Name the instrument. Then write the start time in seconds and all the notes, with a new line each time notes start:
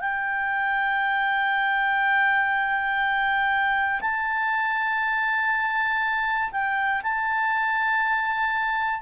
clarinet
0.00 G5
4.00 A5
6.52 G5
7.02 A5